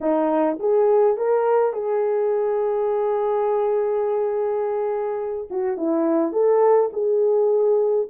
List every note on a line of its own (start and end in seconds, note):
0.01 0.58 D#4
0.59 1.17 G#4
1.17 1.73 A#4
1.73 5.48 G#4
5.50 5.77 F#4
5.77 6.32 E4
6.32 6.90 A4
6.92 8.08 G#4